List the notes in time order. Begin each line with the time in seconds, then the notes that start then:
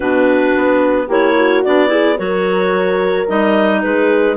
0.00 B2 D4 F#4 B4
0.56 B3
1.07 A#3 E4 G4 C#5
1.37 F#4
1.63 B3 D4 D5
1.87 E4 G#4
2.17 F#3 F#4 A#4 C#5
3.26 G3 D#4 D#5
3.81 G#3 G#4 B4